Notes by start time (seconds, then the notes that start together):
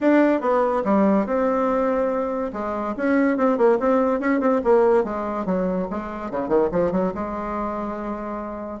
0.00 D4
0.41 B3
0.84 G3
1.25 C4
2.52 G#3
2.96 C#4
3.37 C4
3.57 A#3
3.79 C4
4.19 C#4
4.40 C4
4.63 A#3
5.03 G#3
5.45 F#3
5.90 G#3
6.31 C#3
6.48 D#3
6.71 F3
6.91 F#3
7.14 G#3